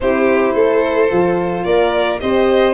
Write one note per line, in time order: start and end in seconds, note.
0.00 0.54 C4
0.00 1.09 E4
0.00 0.53 G4
0.00 1.64 C5
0.53 1.10 A3
0.53 1.64 A4
1.09 1.65 F3
1.09 2.19 F4
1.64 2.20 A#3
1.64 2.20 A#4
1.64 2.19 D5
2.20 2.73 C4
2.20 2.73 G4
2.20 2.73 C5
2.20 2.73 D#5